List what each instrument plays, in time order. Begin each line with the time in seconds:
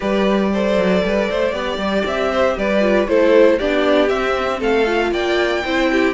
0.00 cello G3, viola G4, violin B4 D5
0.52 viola A4, violin C5
0.76 cello F#3
1.03 cello G3, violin B4
1.30 cello A3, violin C5
1.52 cello B3, viola G4, violin D5
1.77 cello G3
2.05 cello C4, violin E5
2.31 violin C5
2.57 cello G3, violin B4 D5
2.80 viola F4
3.08 cello A3, viola E4, violin A4 C5
3.58 cello B3, viola D4, violin G4 D5
4.07 viola C4, cello C4, violin E5
4.59 cello A3, violin A4 F5
4.85 viola F4
5.11 cello A#3, violin D5 G5
5.64 cello C4, viola E4, violin C5
5.91 violin G4